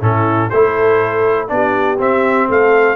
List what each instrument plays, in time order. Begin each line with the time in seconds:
0.00 tuba A2, trombone C#4, horn E4, trumpet A4
0.49 tuba A3, trombone E4, horn A4, trumpet C5
1.48 tuba B3, trombone D4, horn G4, trumpet D5
1.98 trombone C4, tuba C4, trumpet E5
2.48 tuba A3, horn A4, trumpet F5